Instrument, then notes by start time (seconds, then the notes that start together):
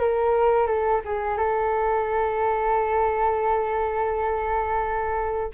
flute
0.00 A#4
0.67 A4
1.05 G#4
1.38 A4